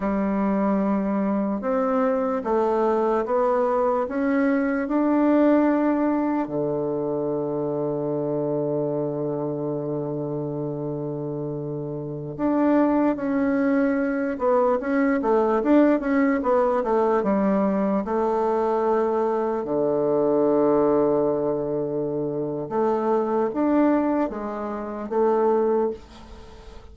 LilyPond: \new Staff \with { instrumentName = "bassoon" } { \time 4/4 \tempo 4 = 74 g2 c'4 a4 | b4 cis'4 d'2 | d1~ | d2.~ d16 d'8.~ |
d'16 cis'4. b8 cis'8 a8 d'8 cis'16~ | cis'16 b8 a8 g4 a4.~ a16~ | a16 d2.~ d8. | a4 d'4 gis4 a4 | }